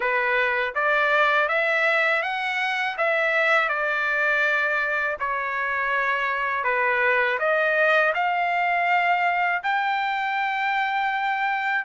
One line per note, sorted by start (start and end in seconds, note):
0.00 0.74 B4
0.74 1.48 D5
1.48 2.22 E5
2.22 2.96 F#5
2.97 3.68 E5
3.68 5.16 D5
5.19 6.64 C#5
6.64 7.38 B4
7.39 8.13 D#5
8.14 9.62 F5
9.63 11.85 G5